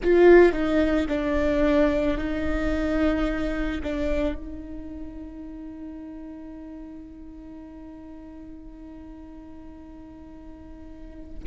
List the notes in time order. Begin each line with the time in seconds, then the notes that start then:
0.03 F4
0.52 D#4
1.08 D4
2.17 D#4
3.83 D4
4.34 D#4